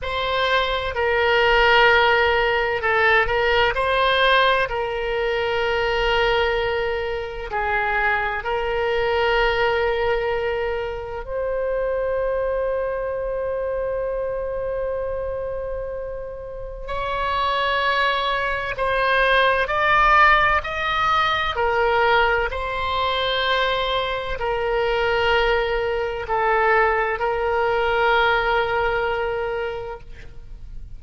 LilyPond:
\new Staff \with { instrumentName = "oboe" } { \time 4/4 \tempo 4 = 64 c''4 ais'2 a'8 ais'8 | c''4 ais'2. | gis'4 ais'2. | c''1~ |
c''2 cis''2 | c''4 d''4 dis''4 ais'4 | c''2 ais'2 | a'4 ais'2. | }